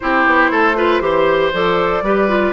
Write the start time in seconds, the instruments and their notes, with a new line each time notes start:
0.00 bassoon C4, clarinet E4, oboe G4, flute C5
0.25 bassoon B3
0.51 bassoon A3, oboe A4
0.76 clarinet F4, oboe B4
1.00 bassoon E3, clarinet G4, oboe C5
1.53 bassoon F3, clarinet A4, flute D5
2.01 bassoon G3, clarinet G4, oboe B4
2.28 clarinet F4